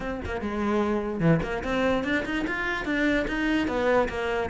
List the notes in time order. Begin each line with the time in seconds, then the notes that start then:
0.00 C4
0.25 A#3
0.41 G#3
1.19 E3
1.42 A#3
1.63 C4
2.04 D4
2.25 D#4
2.47 F4
2.85 D4
3.27 D#4
3.67 B3
4.08 A#3